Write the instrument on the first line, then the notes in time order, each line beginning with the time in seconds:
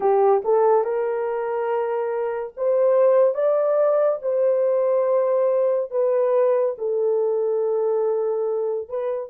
horn
0.00 G4
0.44 A4
0.84 A#4
2.56 C5
3.34 D5
4.21 C5
5.90 B4
6.78 A4
8.88 B4